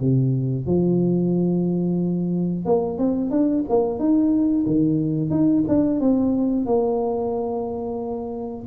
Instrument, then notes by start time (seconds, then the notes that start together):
tuba
0.00 C3
0.66 F3
2.65 A#3
2.98 C4
3.30 D4
3.68 A#3
3.98 D#4
4.66 D#3
5.30 D#4
5.68 D4
6.00 C4
6.65 A#3